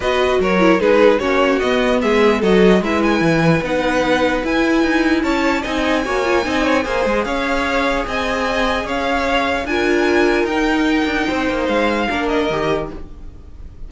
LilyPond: <<
  \new Staff \with { instrumentName = "violin" } { \time 4/4 \tempo 4 = 149 dis''4 cis''4 b'4 cis''4 | dis''4 e''4 dis''4 e''8 gis''8~ | gis''4 fis''2 gis''4~ | gis''4 a''4 gis''2~ |
gis''2 f''2 | gis''2 f''2 | gis''2 g''2~ | g''4 f''4. dis''4. | }
  \new Staff \with { instrumentName = "violin" } { \time 4/4 b'4 ais'4 gis'4 fis'4~ | fis'4 gis'4 a'4 b'4~ | b'1~ | b'4 cis''4 dis''4 cis''4 |
dis''8 cis''8 c''4 cis''2 | dis''2 cis''2 | ais'1 | c''2 ais'2 | }
  \new Staff \with { instrumentName = "viola" } { \time 4/4 fis'4. e'8 dis'4 cis'4 | b2 fis'4 e'4~ | e'4 dis'2 e'4~ | e'2 dis'4 fis'8 f'8 |
dis'4 gis'2.~ | gis'1 | f'2 dis'2~ | dis'2 d'4 g'4 | }
  \new Staff \with { instrumentName = "cello" } { \time 4/4 b4 fis4 gis4 ais4 | b4 gis4 fis4 gis4 | e4 b2 e'4 | dis'4 cis'4 c'4 ais4 |
c'4 ais8 gis8 cis'2 | c'2 cis'2 | d'2 dis'4. d'8 | c'8 ais8 gis4 ais4 dis4 | }
>>